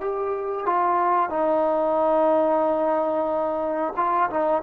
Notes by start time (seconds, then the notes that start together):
0.00 G4
0.65 F4
1.29 D#4
3.96 F4
4.29 D#4